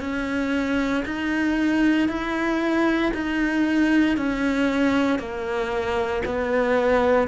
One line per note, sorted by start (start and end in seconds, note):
0.00 1.03 C#4
1.05 2.09 D#4
2.09 3.12 E4
3.14 4.17 D#4
4.17 5.19 C#4
5.19 6.22 A#3
6.25 7.28 B3